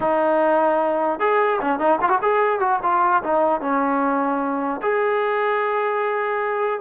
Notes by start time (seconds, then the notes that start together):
0.00 D#4
1.19 G#4
1.61 C#4
1.79 D#4
2.01 F4
2.09 F#4
2.22 G#4
2.59 F#4
2.82 F4
3.23 D#4
3.61 C#4
4.82 G#4